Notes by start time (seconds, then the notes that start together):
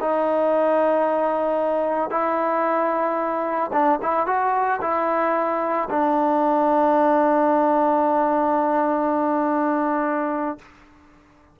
0.00 D#4
2.10 E4
3.73 D4
4.02 E4
4.27 F#4
4.81 E4
5.90 D4